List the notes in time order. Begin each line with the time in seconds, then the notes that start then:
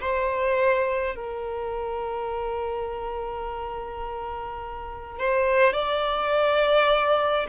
0.00 C5
1.15 A#4
5.19 C5
5.73 D5